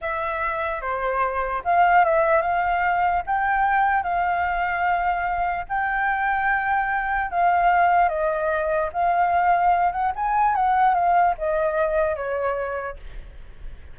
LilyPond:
\new Staff \with { instrumentName = "flute" } { \time 4/4 \tempo 4 = 148 e''2 c''2 | f''4 e''4 f''2 | g''2 f''2~ | f''2 g''2~ |
g''2 f''2 | dis''2 f''2~ | f''8 fis''8 gis''4 fis''4 f''4 | dis''2 cis''2 | }